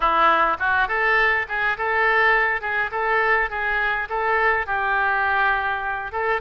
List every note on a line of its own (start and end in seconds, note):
0.00 0.57 E4
0.59 0.88 F#4
0.88 1.46 A4
1.48 1.77 G#4
1.77 2.61 A4
2.61 2.90 G#4
2.91 3.50 A4
3.50 4.08 G#4
4.09 4.66 A4
4.66 6.11 G4
6.11 6.41 A4